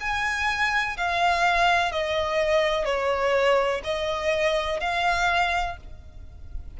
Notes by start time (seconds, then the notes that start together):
0.00 G#5
0.97 F5
1.92 D#5
2.85 C#5
3.84 D#5
4.80 F5